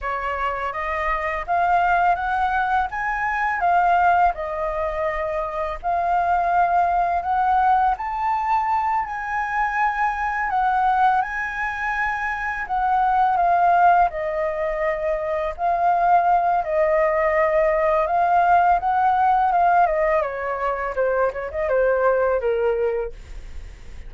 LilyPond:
\new Staff \with { instrumentName = "flute" } { \time 4/4 \tempo 4 = 83 cis''4 dis''4 f''4 fis''4 | gis''4 f''4 dis''2 | f''2 fis''4 a''4~ | a''8 gis''2 fis''4 gis''8~ |
gis''4. fis''4 f''4 dis''8~ | dis''4. f''4. dis''4~ | dis''4 f''4 fis''4 f''8 dis''8 | cis''4 c''8 cis''16 dis''16 c''4 ais'4 | }